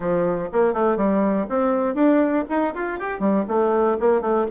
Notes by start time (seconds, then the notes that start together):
0.00 F3
0.52 A#3
0.73 A3
0.96 G3
1.49 C4
1.95 D4
2.49 D#4
2.74 F4
2.99 G4
3.19 G3
3.48 A3
4.00 A#3
4.21 A3